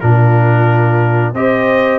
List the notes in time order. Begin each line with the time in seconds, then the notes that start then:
0.00 A#2 D4 F4 A#4
1.33 C4 G4 C5 D#5